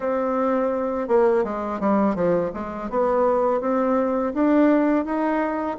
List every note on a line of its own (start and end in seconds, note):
0.00 1.08 C4
1.08 1.44 A#3
1.44 1.80 G#3
1.80 2.15 G3
2.15 2.51 F3
2.54 2.89 G#3
2.89 3.60 B3
3.60 4.33 C4
4.33 5.05 D4
5.05 5.77 D#4